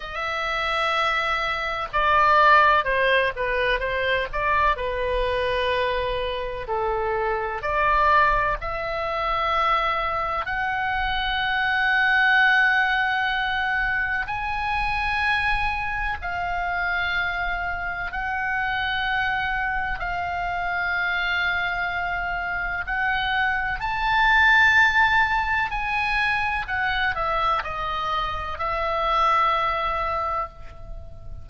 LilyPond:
\new Staff \with { instrumentName = "oboe" } { \time 4/4 \tempo 4 = 63 e''2 d''4 c''8 b'8 | c''8 d''8 b'2 a'4 | d''4 e''2 fis''4~ | fis''2. gis''4~ |
gis''4 f''2 fis''4~ | fis''4 f''2. | fis''4 a''2 gis''4 | fis''8 e''8 dis''4 e''2 | }